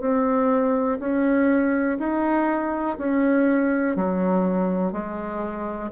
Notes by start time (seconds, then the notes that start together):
0.00 C4
0.99 C#4
1.99 D#4
2.98 C#4
3.96 F#3
4.92 G#3